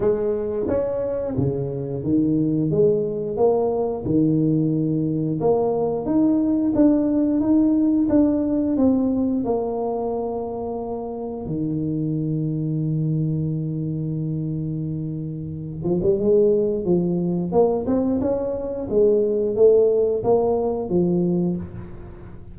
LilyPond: \new Staff \with { instrumentName = "tuba" } { \time 4/4 \tempo 4 = 89 gis4 cis'4 cis4 dis4 | gis4 ais4 dis2 | ais4 dis'4 d'4 dis'4 | d'4 c'4 ais2~ |
ais4 dis2.~ | dis2.~ dis8 f16 g16 | gis4 f4 ais8 c'8 cis'4 | gis4 a4 ais4 f4 | }